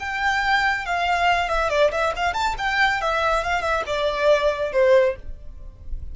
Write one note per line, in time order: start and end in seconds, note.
0.00 0.86 G5
0.86 1.49 F5
1.49 1.70 E5
1.70 1.91 D5
1.92 2.13 E5
2.16 2.34 F5
2.34 2.56 A5
2.58 3.02 G5
3.02 3.44 E5
3.44 3.62 F5
3.62 3.83 E5
3.87 4.73 D5
4.73 5.16 C5